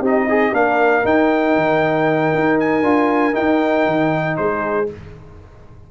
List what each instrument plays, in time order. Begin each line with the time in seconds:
0.00 tuba C4, trombone D#4, horn G4, trumpet D#5
0.25 horn D#4, trombone G#4
0.52 tuba A#3, trombone D4, horn A#4, trumpet F5
1.03 trombone D#4, tuba D#4, trumpet G5
1.55 tuba D#3
2.35 tuba D#4
2.59 trumpet G#5
2.82 tuba D4, trombone F4
3.32 trombone D#4, tuba D#4, trumpet G5
3.86 tuba D#3
4.37 tuba G#3, horn G#4, trumpet C5